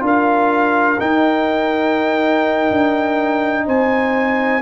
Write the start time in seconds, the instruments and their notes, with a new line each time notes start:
0.00 tuba D4, trombone F4, horn A#4
0.07 trumpet F5
1.00 trombone D#4, tuba D#4, trumpet G5
2.71 tuba D4
3.66 tuba C4, horn C5, trumpet G#5